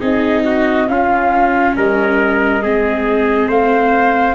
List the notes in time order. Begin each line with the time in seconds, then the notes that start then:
0.00 C4 D#4 G#4 D#5
0.45 F#4
0.88 C#4 F4 F5
1.77 G3 A#4 D#5
2.62 G#3 C4 G#4
3.48 A3 C5 F5